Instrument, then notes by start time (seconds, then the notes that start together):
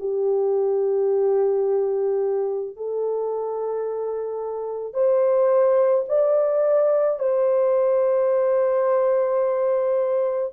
horn
0.00 G4
2.76 A4
4.93 C5
6.09 D5
7.20 C5